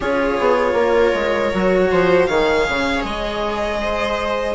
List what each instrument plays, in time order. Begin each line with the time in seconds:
0.00 bassoon C#4, cello F4, viola G#4, violin C#5
0.39 bassoon B3
0.73 bassoon A#3, viola A#4
1.14 bassoon G#3
1.53 bassoon F#3, cello F#4
1.91 bassoon F3, viola C5
2.26 bassoon D#3, cello G#4, viola C#5, violin F5
2.69 bassoon C#3
3.04 bassoon G#3, violin D#5
3.81 viola C5